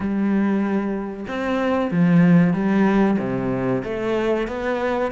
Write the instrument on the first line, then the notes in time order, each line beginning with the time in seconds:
cello
0.00 G3
1.27 C4
1.91 F3
2.53 G3
3.19 C3
3.84 A3
4.47 B3